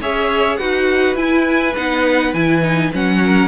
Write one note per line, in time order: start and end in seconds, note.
0.00 0.59 C#4
0.00 0.58 G#4
0.00 0.57 C#5
0.00 0.57 E5
0.57 1.15 D#4
0.57 1.15 F#4
0.57 3.19 B4
0.57 1.15 F#5
1.15 1.73 E4
1.15 1.74 G#5
1.76 2.33 B3
1.76 2.34 D#4
1.76 2.33 F#5
2.33 2.91 E3
2.33 2.62 E4
2.33 2.91 G#5
2.62 2.91 D#4
2.92 3.47 F#3
2.92 3.47 C#4
2.92 3.47 F#5
3.23 3.47 A#4